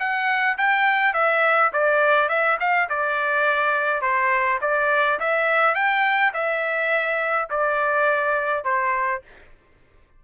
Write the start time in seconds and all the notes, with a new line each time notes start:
0.00 F#5
0.58 G5
1.14 E5
1.73 D5
2.29 E5
2.60 F5
2.90 D5
4.02 C5
4.62 D5
5.20 E5
5.75 G5
6.34 E5
7.51 D5
8.65 C5